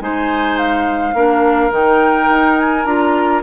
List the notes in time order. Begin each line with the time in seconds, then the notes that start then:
0.00 G#3 D#4 C5 G#5
0.58 F5
1.13 A#3 D4 A#4
1.71 D#3 D#4 G5
2.28 D#4
2.59 G#5
2.85 D4 F4 A#5